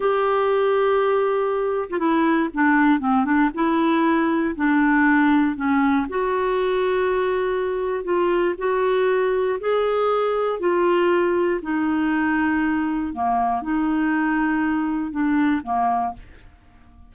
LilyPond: \new Staff \with { instrumentName = "clarinet" } { \time 4/4 \tempo 4 = 119 g'2.~ g'8. f'16 | e'4 d'4 c'8 d'8 e'4~ | e'4 d'2 cis'4 | fis'1 |
f'4 fis'2 gis'4~ | gis'4 f'2 dis'4~ | dis'2 ais4 dis'4~ | dis'2 d'4 ais4 | }